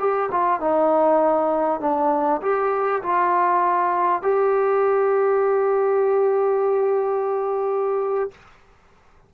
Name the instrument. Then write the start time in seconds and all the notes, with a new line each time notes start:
trombone
0.00 G4
0.32 F4
0.61 D#4
1.81 D4
2.42 G4
3.03 F4
4.23 G4